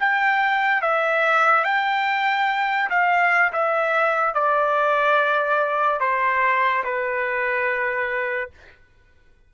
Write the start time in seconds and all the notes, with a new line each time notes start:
0.00 G5
0.82 E5
1.65 G5
2.90 F5
3.53 E5
4.34 D5
6.00 C5
6.84 B4